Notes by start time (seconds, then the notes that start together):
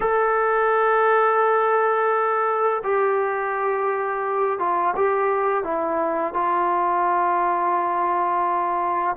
0.00 A4
2.83 G4
4.59 F4
4.96 G4
5.63 E4
6.33 F4